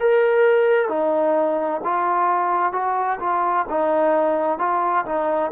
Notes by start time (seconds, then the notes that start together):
0.00 A#4
0.89 D#4
1.84 F4
2.73 F#4
3.20 F4
3.70 D#4
4.59 F4
5.06 D#4